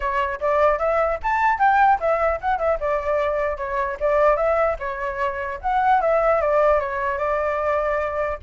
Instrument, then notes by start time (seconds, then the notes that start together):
flute
0.00 C#5
0.40 D5
0.78 E5
1.22 A5
1.59 G5
1.99 E5
2.40 F#5
2.58 E5
2.80 D5
3.57 C#5
3.99 D5
4.36 E5
4.79 C#5
5.61 F#5
6.01 E5
6.41 D5
6.80 C#5
7.18 D5